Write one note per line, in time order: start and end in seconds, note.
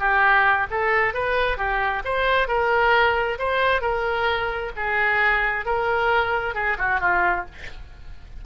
0.00 0.67 G4
0.71 1.14 A4
1.14 1.58 B4
1.58 2.03 G4
2.05 2.48 C5
2.48 3.38 A#4
3.39 3.82 C5
3.82 4.72 A#4
4.77 5.66 G#4
5.66 6.55 A#4
6.55 6.78 G#4
6.79 7.00 F#4
7.00 7.46 F4